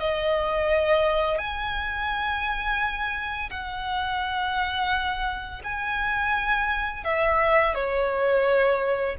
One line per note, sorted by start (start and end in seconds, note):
0.00 1.38 D#5
1.38 3.50 G#5
3.50 5.62 F#5
5.64 7.05 G#5
7.05 7.75 E5
7.75 9.16 C#5